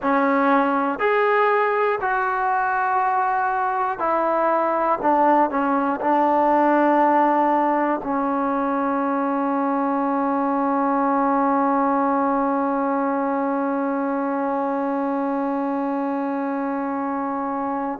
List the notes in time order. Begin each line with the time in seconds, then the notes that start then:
0.01 C#4
0.99 G#4
2.00 F#4
3.99 E4
5.01 D4
5.50 C#4
6.00 D4
8.03 C#4